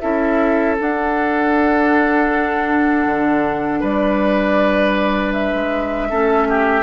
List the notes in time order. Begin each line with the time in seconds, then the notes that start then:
0.00 C#4 E4 A4 E5
0.80 D4 F#5
3.06 D3
3.81 G3 B4 D5
5.33 E5
5.54 G#3
6.10 A3 C#4 A4
6.49 G4